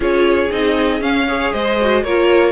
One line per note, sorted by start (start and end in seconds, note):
0.00 0.50 C#4
0.00 0.50 F4
0.00 1.24 G#4
0.00 0.51 C#5
0.50 1.00 C4
0.50 1.01 D#4
0.50 1.02 D#5
1.00 1.51 C#4
1.00 1.26 C#4
1.00 1.52 F5
1.27 1.78 G#4
1.27 1.53 C#5
1.52 2.03 G#3
1.52 2.03 C5
1.52 2.03 D#5
1.80 2.05 F#4
2.03 2.52 A#3
2.03 2.52 F4
2.03 2.52 A#4
2.03 2.52 C#5